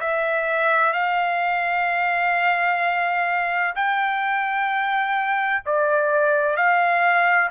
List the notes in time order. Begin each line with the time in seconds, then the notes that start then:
0.00 E5
0.93 F5
3.75 G5
5.65 D5
6.56 F5